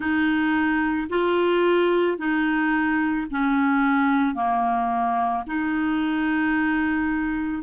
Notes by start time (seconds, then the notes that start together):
0.00 D#4
1.09 F4
2.18 D#4
3.30 C#4
4.34 A#3
5.46 D#4